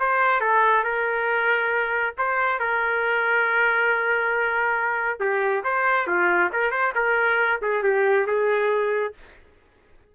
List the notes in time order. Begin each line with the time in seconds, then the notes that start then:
0.00 C5
0.41 A4
0.84 A#4
2.18 C5
2.60 A#4
5.20 G4
5.64 C5
6.07 F4
6.53 A#4
6.71 C5
6.95 A#4
7.62 G#4
7.83 G4
8.27 G#4